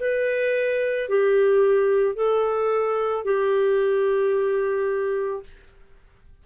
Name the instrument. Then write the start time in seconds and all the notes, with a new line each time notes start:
clarinet
0.00 B4
1.09 G4
2.15 A4
3.25 G4